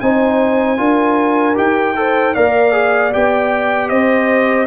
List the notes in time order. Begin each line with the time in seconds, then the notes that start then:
0.00 C4 D#4 C5 G#5
0.77 D4 F4 A#4
1.55 D#4 G4 G5
1.96 A4 C5
2.34 A#3 A#4 D5 F5
2.72 G#4
3.11 B3 G4 G5
3.89 C4 C5 D#5